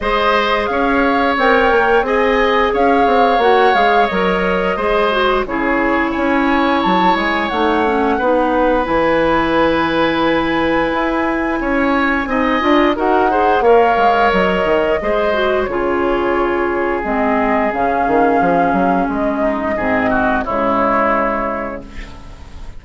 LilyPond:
<<
  \new Staff \with { instrumentName = "flute" } { \time 4/4 \tempo 4 = 88 dis''4 f''4 g''4 gis''4 | f''4 fis''8 f''8 dis''2 | cis''4 gis''4 a''8 gis''8 fis''4~ | fis''4 gis''2.~ |
gis''2. fis''4 | f''4 dis''2 cis''4~ | cis''4 dis''4 f''2 | dis''2 cis''2 | }
  \new Staff \with { instrumentName = "oboe" } { \time 4/4 c''4 cis''2 dis''4 | cis''2. c''4 | gis'4 cis''2. | b'1~ |
b'4 cis''4 dis''4 ais'8 c''8 | cis''2 c''4 gis'4~ | gis'1~ | gis'8 dis'8 gis'8 fis'8 e'2 | }
  \new Staff \with { instrumentName = "clarinet" } { \time 4/4 gis'2 ais'4 gis'4~ | gis'4 fis'8 gis'8 ais'4 gis'8 fis'8 | e'2. dis'8 cis'8 | dis'4 e'2.~ |
e'2 dis'8 f'8 fis'8 gis'8 | ais'2 gis'8 fis'8 f'4~ | f'4 c'4 cis'2~ | cis'4 c'4 gis2 | }
  \new Staff \with { instrumentName = "bassoon" } { \time 4/4 gis4 cis'4 c'8 ais8 c'4 | cis'8 c'8 ais8 gis8 fis4 gis4 | cis4 cis'4 fis8 gis8 a4 | b4 e2. |
e'4 cis'4 c'8 d'8 dis'4 | ais8 gis8 fis8 dis8 gis4 cis4~ | cis4 gis4 cis8 dis8 f8 fis8 | gis4 gis,4 cis2 | }
>>